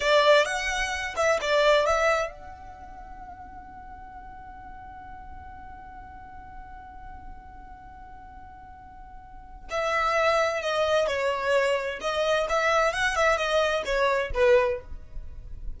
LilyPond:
\new Staff \with { instrumentName = "violin" } { \time 4/4 \tempo 4 = 130 d''4 fis''4. e''8 d''4 | e''4 fis''2.~ | fis''1~ | fis''1~ |
fis''1~ | fis''4 e''2 dis''4 | cis''2 dis''4 e''4 | fis''8 e''8 dis''4 cis''4 b'4 | }